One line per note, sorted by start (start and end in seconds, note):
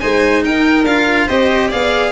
0.00 0.44 G#3
0.00 0.86 D#4
0.00 0.44 C5
0.00 0.43 G#5
0.44 0.84 D#4
0.44 1.26 A#4
0.44 0.85 G5
0.84 1.27 D4
0.84 1.29 F4
0.84 1.28 F5
1.26 1.72 C4
1.26 1.72 G4
1.26 1.68 C5
1.26 1.71 D#5
1.69 2.12 B3
1.69 2.12 G#4
1.69 2.12 D5
1.69 2.12 F5